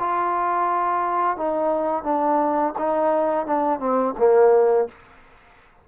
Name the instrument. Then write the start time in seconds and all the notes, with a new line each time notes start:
trombone
0.00 F4
1.37 D#4
2.04 D4
2.79 D#4
3.47 D4
3.80 C4
4.19 A#3